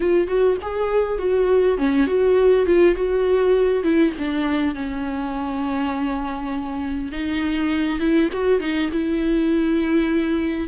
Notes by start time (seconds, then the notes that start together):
0.00 F4
0.27 F#4
0.62 G#4
1.18 F#4
1.77 C#4
2.06 F#4
2.66 F4
2.95 F#4
3.83 E4
4.18 D4
4.74 C#4
7.12 D#4
7.99 E4
8.32 F#4
8.60 D#4
8.92 E4